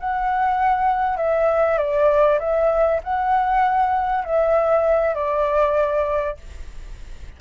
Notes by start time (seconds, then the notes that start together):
0.00 F#5
1.17 E5
1.78 D5
2.40 E5
3.03 F#5
4.25 E5
5.15 D5